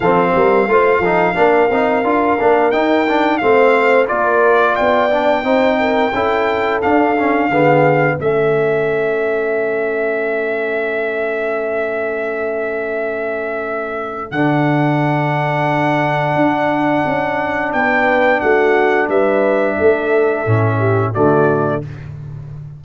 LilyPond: <<
  \new Staff \with { instrumentName = "trumpet" } { \time 4/4 \tempo 4 = 88 f''1 | g''4 f''4 d''4 g''4~ | g''2 f''2 | e''1~ |
e''1~ | e''4 fis''2.~ | fis''2 g''4 fis''4 | e''2. d''4 | }
  \new Staff \with { instrumentName = "horn" } { \time 4/4 a'8 ais'8 c''8 a'8 ais'2~ | ais'4 c''4 ais'4 d''4 | c''8 ais'8 a'2 gis'4 | a'1~ |
a'1~ | a'1~ | a'2 b'4 fis'4 | b'4 a'4. g'8 fis'4 | }
  \new Staff \with { instrumentName = "trombone" } { \time 4/4 c'4 f'8 dis'8 d'8 dis'8 f'8 d'8 | dis'8 d'8 c'4 f'4. d'8 | dis'4 e'4 d'8 cis'8 b4 | cis'1~ |
cis'1~ | cis'4 d'2.~ | d'1~ | d'2 cis'4 a4 | }
  \new Staff \with { instrumentName = "tuba" } { \time 4/4 f8 g8 a8 f8 ais8 c'8 d'8 ais8 | dis'4 a4 ais4 b4 | c'4 cis'4 d'4 d4 | a1~ |
a1~ | a4 d2. | d'4 cis'4 b4 a4 | g4 a4 a,4 d4 | }
>>